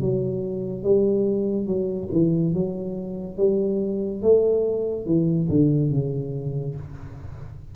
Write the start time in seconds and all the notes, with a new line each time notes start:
0.00 F#3
0.83 G3
1.66 F#3
2.12 E3
2.54 F#3
3.37 G3
4.22 A3
5.06 E3
5.49 D3
5.91 C#3